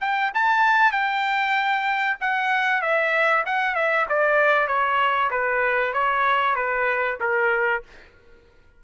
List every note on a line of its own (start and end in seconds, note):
0.00 0.31 G5
0.34 0.91 A5
0.91 2.16 G5
2.20 2.81 F#5
2.81 3.44 E5
3.45 3.74 F#5
3.74 4.06 E5
4.09 4.67 D5
4.67 5.30 C#5
5.30 5.93 B4
5.93 6.55 C#5
6.55 7.18 B4
7.20 7.82 A#4